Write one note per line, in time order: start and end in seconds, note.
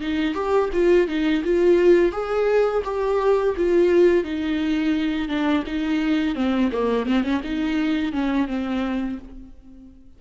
0.00 0.34 D#4
0.34 0.69 G4
0.73 1.07 F4
1.07 1.42 D#4
1.44 2.12 F4
2.12 2.82 G#4
2.84 3.55 G4
3.56 4.24 F4
4.24 5.28 D#4
5.28 5.63 D4
5.66 6.35 D#4
6.35 6.70 C4
6.72 7.06 A#3
7.06 7.23 C4
7.23 7.41 C#4
7.43 8.12 D#4
8.12 8.47 C#4
8.47 9.18 C4